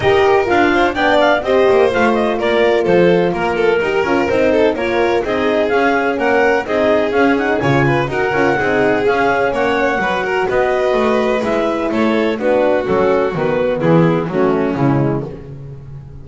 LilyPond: <<
  \new Staff \with { instrumentName = "clarinet" } { \time 4/4 \tempo 4 = 126 dis''4 f''4 g''8 f''8 dis''4 | f''8 dis''8 d''4 c''4 ais'4~ | ais'4 c''4 cis''4 dis''4 | f''4 fis''4 dis''4 f''8 fis''8 |
gis''4 fis''2 f''4 | fis''2 dis''2 | e''4 cis''4 b'4 a'4 | b'4 gis'4 fis'4 e'4 | }
  \new Staff \with { instrumentName = "violin" } { \time 4/4 ais'4. c''8 d''4 c''4~ | c''4 ais'4 a'4 ais'8 a'8 | ais'4. a'8 ais'4 gis'4~ | gis'4 ais'4 gis'2 |
cis''8 b'8 ais'4 gis'2 | cis''4 b'8 ais'8 b'2~ | b'4 a'4 fis'2~ | fis'4 e'4 cis'2 | }
  \new Staff \with { instrumentName = "horn" } { \time 4/4 g'4 f'4 d'4 g'4 | f'1 | g'8 f'8 dis'4 f'4 dis'4 | cis'2 dis'4 cis'8 dis'8 |
f'4 fis'8 f'8 dis'4 cis'4~ | cis'4 fis'2. | e'2 d'4 cis'4 | b2 a4 gis4 | }
  \new Staff \with { instrumentName = "double bass" } { \time 4/4 dis'4 d'4 b4 c'8 ais8 | a4 ais4 f4 ais4 | dis'8 cis'8 c'4 ais4 c'4 | cis'4 ais4 c'4 cis'4 |
cis4 dis'8 cis'8 c'4 cis'4 | ais4 fis4 b4 a4 | gis4 a4 b4 fis4 | dis4 e4 fis4 cis4 | }
>>